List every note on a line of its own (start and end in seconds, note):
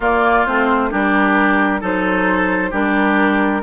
0.00 0.45 A#3
0.00 0.46 A#3
0.00 0.90 F4
0.00 0.45 D5
0.45 0.92 A3
0.45 0.90 C4
0.45 0.91 C5
0.90 1.82 G3
0.90 1.80 D4
0.90 1.80 G4
0.90 1.82 A#4
1.80 2.72 F#3
1.80 2.71 D#4
1.80 2.70 A4
1.80 2.73 C5
2.70 3.63 G3
2.70 3.62 D4
2.70 3.61 G4
2.70 3.63 A#4